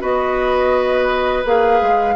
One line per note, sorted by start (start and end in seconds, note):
0.00 1.44 B3
0.00 1.43 F#4
0.00 2.15 B4
0.00 1.45 D#5
1.45 1.81 A#3
1.45 2.15 G#4
1.45 2.15 F5
1.82 2.15 G#3